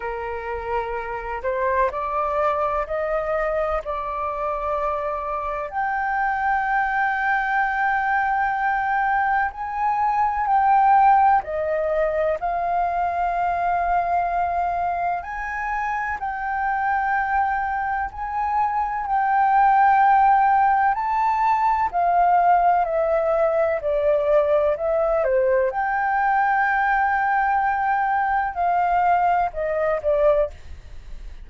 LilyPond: \new Staff \with { instrumentName = "flute" } { \time 4/4 \tempo 4 = 63 ais'4. c''8 d''4 dis''4 | d''2 g''2~ | g''2 gis''4 g''4 | dis''4 f''2. |
gis''4 g''2 gis''4 | g''2 a''4 f''4 | e''4 d''4 e''8 c''8 g''4~ | g''2 f''4 dis''8 d''8 | }